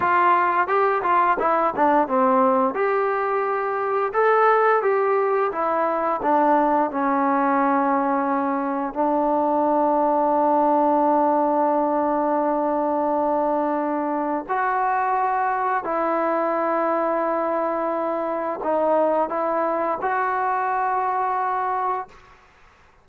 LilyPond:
\new Staff \with { instrumentName = "trombone" } { \time 4/4 \tempo 4 = 87 f'4 g'8 f'8 e'8 d'8 c'4 | g'2 a'4 g'4 | e'4 d'4 cis'2~ | cis'4 d'2.~ |
d'1~ | d'4 fis'2 e'4~ | e'2. dis'4 | e'4 fis'2. | }